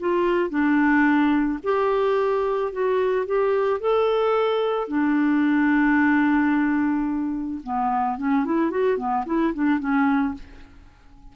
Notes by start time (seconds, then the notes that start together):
0.00 F4
0.50 D4
1.64 G4
2.72 F#4
3.27 G4
3.81 A4
4.88 D4
7.64 B3
8.18 C#4
8.45 E4
8.71 F#4
8.98 B3
9.26 E4
9.54 D4
9.80 C#4